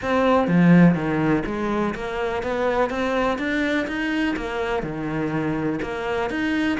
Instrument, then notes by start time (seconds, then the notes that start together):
cello
0.02 C4
0.47 F3
0.94 D#3
1.45 G#3
1.95 A#3
2.42 B3
2.90 C4
3.38 D4
3.87 D#4
4.36 A#3
4.82 D#3
5.82 A#3
6.30 D#4